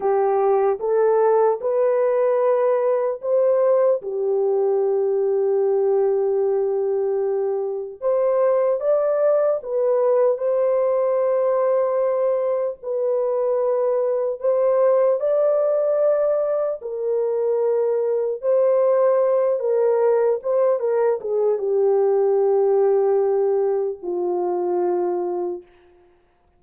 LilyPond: \new Staff \with { instrumentName = "horn" } { \time 4/4 \tempo 4 = 75 g'4 a'4 b'2 | c''4 g'2.~ | g'2 c''4 d''4 | b'4 c''2. |
b'2 c''4 d''4~ | d''4 ais'2 c''4~ | c''8 ais'4 c''8 ais'8 gis'8 g'4~ | g'2 f'2 | }